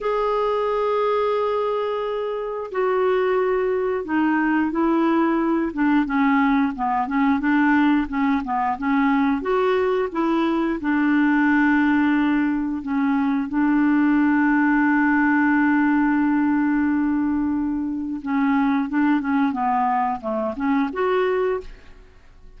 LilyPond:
\new Staff \with { instrumentName = "clarinet" } { \time 4/4 \tempo 4 = 89 gis'1 | fis'2 dis'4 e'4~ | e'8 d'8 cis'4 b8 cis'8 d'4 | cis'8 b8 cis'4 fis'4 e'4 |
d'2. cis'4 | d'1~ | d'2. cis'4 | d'8 cis'8 b4 a8 cis'8 fis'4 | }